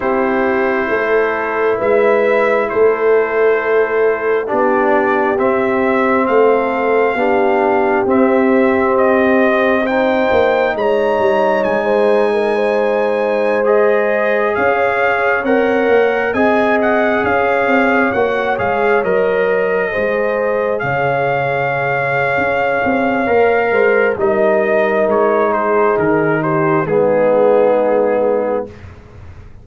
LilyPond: <<
  \new Staff \with { instrumentName = "trumpet" } { \time 4/4 \tempo 4 = 67 c''2 e''4 c''4~ | c''4 d''4 e''4 f''4~ | f''4 e''4 dis''4 g''4 | ais''4 gis''2~ gis''16 dis''8.~ |
dis''16 f''4 fis''4 gis''8 fis''8 f''8.~ | f''16 fis''8 f''8 dis''2 f''8.~ | f''2. dis''4 | cis''8 c''8 ais'8 c''8 gis'2 | }
  \new Staff \with { instrumentName = "horn" } { \time 4/4 g'4 a'4 b'4 a'4~ | a'4 g'2 a'4 | g'2. c''4 | cis''4~ cis''16 c''8 ais'16 c''2~ |
c''16 cis''2 dis''4 cis''8.~ | cis''2~ cis''16 c''4 cis''8.~ | cis''2~ cis''8 c''8 ais'4~ | ais'8 gis'4 g'8 dis'2 | }
  \new Staff \with { instrumentName = "trombone" } { \time 4/4 e'1~ | e'4 d'4 c'2 | d'4 c'2 dis'4~ | dis'2.~ dis'16 gis'8.~ |
gis'4~ gis'16 ais'4 gis'4.~ gis'16~ | gis'16 fis'8 gis'8 ais'4 gis'4.~ gis'16~ | gis'2 ais'4 dis'4~ | dis'2 b2 | }
  \new Staff \with { instrumentName = "tuba" } { \time 4/4 c'4 a4 gis4 a4~ | a4 b4 c'4 a4 | b4 c'2~ c'8 ais8 | gis8 g8 gis2.~ |
gis16 cis'4 c'8 ais8 c'4 cis'8 c'16~ | c'16 ais8 gis8 fis4 gis4 cis8.~ | cis4 cis'8 c'8 ais8 gis8 g4 | gis4 dis4 gis2 | }
>>